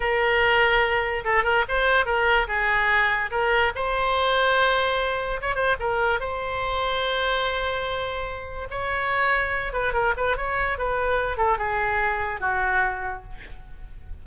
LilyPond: \new Staff \with { instrumentName = "oboe" } { \time 4/4 \tempo 4 = 145 ais'2. a'8 ais'8 | c''4 ais'4 gis'2 | ais'4 c''2.~ | c''4 cis''8 c''8 ais'4 c''4~ |
c''1~ | c''4 cis''2~ cis''8 b'8 | ais'8 b'8 cis''4 b'4. a'8 | gis'2 fis'2 | }